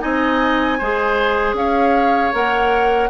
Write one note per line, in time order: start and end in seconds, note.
0.00 0.80 C4
0.00 0.78 D#4
0.00 0.78 D#5
0.00 1.54 G#5
0.78 1.54 G#3
0.78 2.33 G#4
0.78 1.55 C5
1.54 2.30 C#4
1.54 3.10 C#5
1.54 2.33 F5
2.33 3.10 A#3
2.33 3.09 A#4
2.33 3.10 F#5